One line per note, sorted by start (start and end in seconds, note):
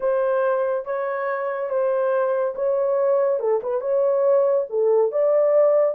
0.00 0.85 C5
0.85 1.69 C#5
1.69 2.54 C5
2.55 3.39 C#5
3.39 3.61 A4
3.62 3.81 B4
3.81 4.66 C#5
4.69 5.11 A4
5.11 5.95 D5